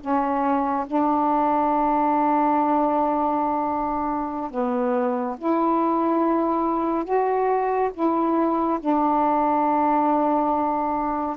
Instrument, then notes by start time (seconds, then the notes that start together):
saxophone
0.00 C#4
0.86 D4
4.50 B3
5.38 E4
7.04 F#4
7.93 E4
8.80 D4